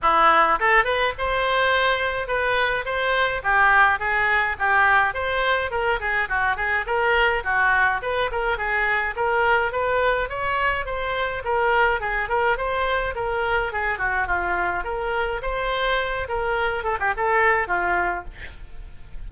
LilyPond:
\new Staff \with { instrumentName = "oboe" } { \time 4/4 \tempo 4 = 105 e'4 a'8 b'8 c''2 | b'4 c''4 g'4 gis'4 | g'4 c''4 ais'8 gis'8 fis'8 gis'8 | ais'4 fis'4 b'8 ais'8 gis'4 |
ais'4 b'4 cis''4 c''4 | ais'4 gis'8 ais'8 c''4 ais'4 | gis'8 fis'8 f'4 ais'4 c''4~ | c''8 ais'4 a'16 g'16 a'4 f'4 | }